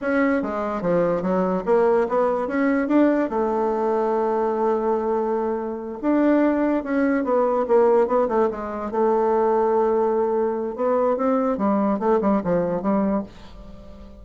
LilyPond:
\new Staff \with { instrumentName = "bassoon" } { \time 4/4 \tempo 4 = 145 cis'4 gis4 f4 fis4 | ais4 b4 cis'4 d'4 | a1~ | a2~ a8 d'4.~ |
d'8 cis'4 b4 ais4 b8 | a8 gis4 a2~ a8~ | a2 b4 c'4 | g4 a8 g8 f4 g4 | }